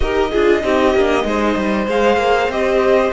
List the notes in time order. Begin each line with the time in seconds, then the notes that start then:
0.00 D#4 G4 A#4 D#5
0.31 D4 F4 G#4
0.62 C4 D#4 G4
0.94 A#3 D4
1.22 G#3 D#4 C5
1.56 G3
1.87 G#3 G#4 F5
2.17 A#3
2.48 C4 G4 D#5